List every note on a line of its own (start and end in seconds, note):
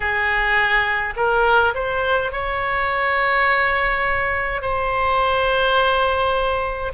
0.00 1.13 G#4
1.16 1.74 A#4
1.74 2.32 C5
2.32 4.61 C#5
4.61 6.92 C5